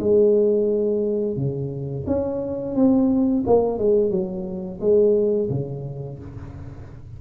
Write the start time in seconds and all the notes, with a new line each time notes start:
0.00 G#3
1.37 C#3
2.07 C#4
2.76 C4
3.47 A#3
3.79 G#3
4.11 F#3
4.81 G#3
5.50 C#3